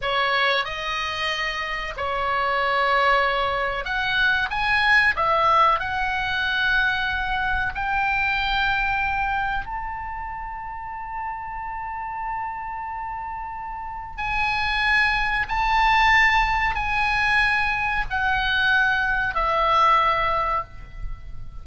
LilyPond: \new Staff \with { instrumentName = "oboe" } { \time 4/4 \tempo 4 = 93 cis''4 dis''2 cis''4~ | cis''2 fis''4 gis''4 | e''4 fis''2. | g''2. a''4~ |
a''1~ | a''2 gis''2 | a''2 gis''2 | fis''2 e''2 | }